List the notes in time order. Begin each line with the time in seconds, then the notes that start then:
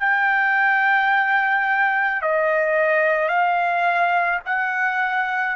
0.00 G5
2.22 D#5
3.29 F5
4.46 F#5